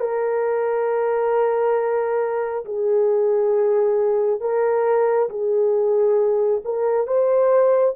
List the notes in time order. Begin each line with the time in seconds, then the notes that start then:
0.00 A#4
2.65 G#4
4.41 A#4
5.29 G#4
6.65 A#4
7.07 C5